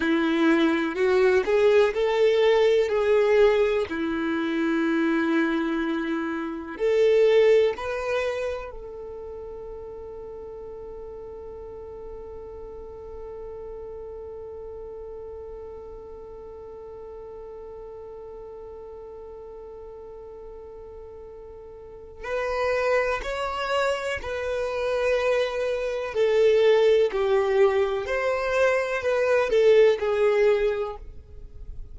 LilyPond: \new Staff \with { instrumentName = "violin" } { \time 4/4 \tempo 4 = 62 e'4 fis'8 gis'8 a'4 gis'4 | e'2. a'4 | b'4 a'2.~ | a'1~ |
a'1~ | a'2. b'4 | cis''4 b'2 a'4 | g'4 c''4 b'8 a'8 gis'4 | }